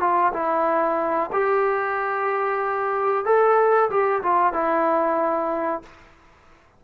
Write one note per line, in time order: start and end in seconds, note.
0.00 0.32 F4
0.33 1.30 E4
1.32 3.25 G4
3.25 3.89 A4
3.90 4.22 G4
4.23 4.53 F4
4.53 5.82 E4